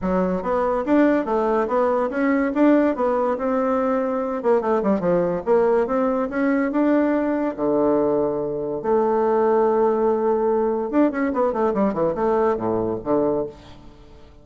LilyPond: \new Staff \with { instrumentName = "bassoon" } { \time 4/4 \tempo 4 = 143 fis4 b4 d'4 a4 | b4 cis'4 d'4 b4 | c'2~ c'8 ais8 a8 g8 | f4 ais4 c'4 cis'4 |
d'2 d2~ | d4 a2.~ | a2 d'8 cis'8 b8 a8 | g8 e8 a4 a,4 d4 | }